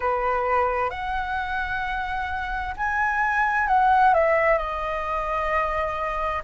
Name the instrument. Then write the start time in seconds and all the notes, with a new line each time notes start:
flute
0.00 B4
0.90 F#5
2.77 G#5
3.67 F#5
4.14 E5
4.57 D#5